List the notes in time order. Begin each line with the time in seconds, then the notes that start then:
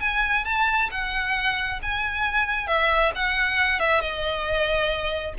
0.00 G#5
0.45 A5
0.91 F#5
1.82 G#5
2.67 E5
3.15 F#5
3.79 E5
4.01 D#5